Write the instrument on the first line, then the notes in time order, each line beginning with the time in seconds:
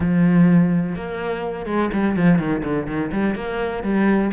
cello
0.00 F3
0.95 A#3
1.66 G#3
1.93 G3
2.16 F3
2.38 D#3
2.64 D3
2.86 D#3
3.12 G3
3.35 A#3
3.83 G3